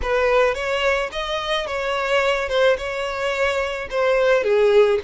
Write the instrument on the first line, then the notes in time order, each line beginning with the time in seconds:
violin
0.02 B4
0.54 C#5
1.12 D#5
1.66 C#5
2.48 C5
2.77 C#5
3.90 C5
4.43 G#4